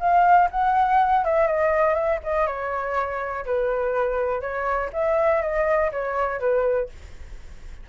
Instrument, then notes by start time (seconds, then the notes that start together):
flute
0.00 F5
0.51 F#5
1.25 E5
1.47 D#5
1.94 E5
2.24 D#5
2.47 C#5
3.46 B4
4.41 C#5
4.93 E5
5.42 D#5
5.92 C#5
6.40 B4